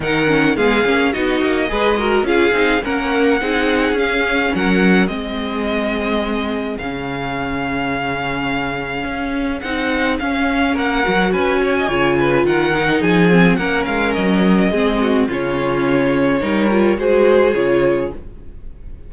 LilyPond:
<<
  \new Staff \with { instrumentName = "violin" } { \time 4/4 \tempo 4 = 106 fis''4 f''4 dis''2 | f''4 fis''2 f''4 | fis''4 dis''2. | f''1~ |
f''4 fis''4 f''4 fis''4 | gis''2 fis''4 gis''4 | fis''8 f''8 dis''2 cis''4~ | cis''2 c''4 cis''4 | }
  \new Staff \with { instrumentName = "violin" } { \time 4/4 ais'4 gis'4 fis'4 b'8 ais'8 | gis'4 ais'4 gis'2 | ais'4 gis'2.~ | gis'1~ |
gis'2. ais'4 | b'8 cis''16 dis''16 cis''8 b'8 ais'4 gis'4 | ais'2 gis'8 fis'8 f'4~ | f'4 ais'4 gis'2 | }
  \new Staff \with { instrumentName = "viola" } { \time 4/4 dis'8 cis'8 b8 cis'8 dis'4 gis'8 fis'8 | f'8 dis'8 cis'4 dis'4 cis'4~ | cis'4 c'2. | cis'1~ |
cis'4 dis'4 cis'4. fis'8~ | fis'4 f'4. dis'4 c'8 | cis'2 c'4 cis'4~ | cis'4 dis'8 f'8 fis'4 f'4 | }
  \new Staff \with { instrumentName = "cello" } { \time 4/4 dis4 gis8 ais8 b8 ais8 gis4 | cis'8 c'8 ais4 c'4 cis'4 | fis4 gis2. | cis1 |
cis'4 c'4 cis'4 ais8 fis8 | cis'4 cis4 dis4 f4 | ais8 gis8 fis4 gis4 cis4~ | cis4 g4 gis4 cis4 | }
>>